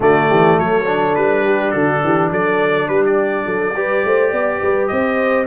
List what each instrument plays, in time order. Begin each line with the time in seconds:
0.00 tuba D3, trombone A3, horn F#4, trumpet D5
0.29 tuba E3, horn G4
0.58 tuba F#3, horn A4, trumpet C#5
0.85 trombone D4
1.15 tuba G3, trumpet B4
1.44 horn G4
1.71 tuba D3, horn F#4, trumpet A4
2.03 tuba E3, horn G4
2.31 tuba F#3, horn A4, trumpet D5
2.87 tuba G3, horn G4, trumpet B4
3.05 trumpet D5
3.46 tuba F#3, horn A4
3.75 tuba G3, trombone G4, horn B4
4.04 tuba A3, horn C5
4.31 tuba B3, horn D5
4.61 tuba G3, horn B4
4.87 tuba C4, horn C5, trumpet D#5